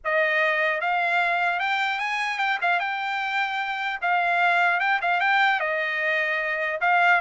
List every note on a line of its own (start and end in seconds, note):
0.04 0.80 D#5
0.80 1.59 F5
1.59 1.99 G5
1.99 2.38 G#5
2.38 2.58 G5
2.61 2.79 F5
2.79 3.99 G5
4.01 4.80 F5
4.80 5.00 G5
5.01 5.20 F5
5.20 5.60 G5
5.60 6.80 D#5
6.81 7.20 F5